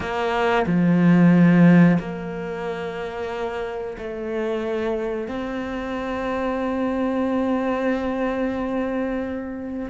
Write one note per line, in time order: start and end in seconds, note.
0.00 0.65 A#3
0.66 1.98 F3
1.99 3.97 A#3
3.97 5.28 A3
5.28 9.89 C4